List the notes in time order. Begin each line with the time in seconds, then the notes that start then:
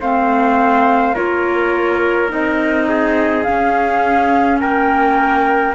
0.00 A3 C4 C5 F5
1.14 A#3 F4 A#4 C#5
2.28 C4 D#4 D#5
2.89 G#4
3.43 C#4 F5
4.60 A#3 A#4 G5